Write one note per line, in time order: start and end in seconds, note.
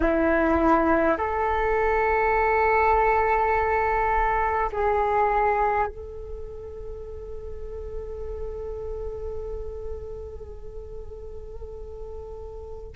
0.00 1.17 E4
1.17 4.70 A4
4.72 5.87 G#4
5.87 12.93 A4